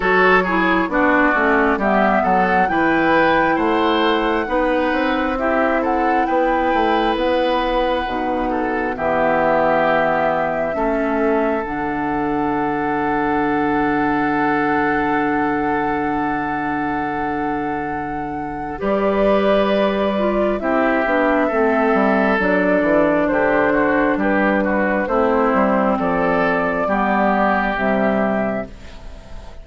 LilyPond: <<
  \new Staff \with { instrumentName = "flute" } { \time 4/4 \tempo 4 = 67 cis''4 d''4 e''8 fis''8 g''4 | fis''2 e''8 fis''8 g''4 | fis''2 e''2~ | e''4 fis''2.~ |
fis''1~ | fis''4 d''2 e''4~ | e''4 d''4 c''4 b'4 | c''4 d''2 e''4 | }
  \new Staff \with { instrumentName = "oboe" } { \time 4/4 a'8 gis'8 fis'4 g'8 a'8 b'4 | c''4 b'4 g'8 a'8 b'4~ | b'4. a'8 g'2 | a'1~ |
a'1~ | a'4 b'2 g'4 | a'2 g'8 fis'8 g'8 fis'8 | e'4 a'4 g'2 | }
  \new Staff \with { instrumentName = "clarinet" } { \time 4/4 fis'8 e'8 d'8 cis'8 b4 e'4~ | e'4 dis'4 e'2~ | e'4 dis'4 b2 | cis'4 d'2.~ |
d'1~ | d'4 g'4. f'8 e'8 d'8 | c'4 d'2. | c'2 b4 g4 | }
  \new Staff \with { instrumentName = "bassoon" } { \time 4/4 fis4 b8 a8 g8 fis8 e4 | a4 b8 c'4. b8 a8 | b4 b,4 e2 | a4 d2.~ |
d1~ | d4 g2 c'8 b8 | a8 g8 fis8 e8 d4 g4 | a8 g8 f4 g4 c4 | }
>>